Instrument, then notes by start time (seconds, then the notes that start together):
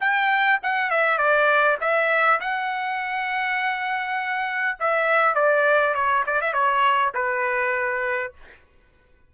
trumpet
0.00 G5
0.62 F#5
0.90 E5
1.18 D5
1.80 E5
2.40 F#5
4.79 E5
5.35 D5
5.94 C#5
6.26 D5
6.41 E5
6.53 C#5
7.14 B4